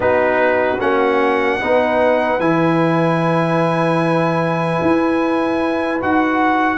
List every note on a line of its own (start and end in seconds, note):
0.00 0.76 B3
0.00 0.78 D#4
0.00 1.59 F#4
0.00 0.80 B4
0.80 1.60 A#3
0.80 1.60 C#4
0.80 2.40 F#5
1.59 2.39 B3
1.59 2.40 D#4
1.59 6.78 B4
2.39 4.79 E3
2.39 6.00 E4
2.39 6.00 G#5
4.81 6.01 E4
6.00 6.78 D#4
6.00 6.78 F#4
6.00 6.78 F#5